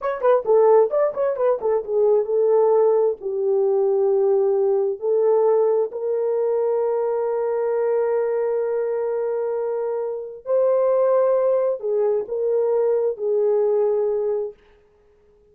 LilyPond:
\new Staff \with { instrumentName = "horn" } { \time 4/4 \tempo 4 = 132 cis''8 b'8 a'4 d''8 cis''8 b'8 a'8 | gis'4 a'2 g'4~ | g'2. a'4~ | a'4 ais'2.~ |
ais'1~ | ais'2. c''4~ | c''2 gis'4 ais'4~ | ais'4 gis'2. | }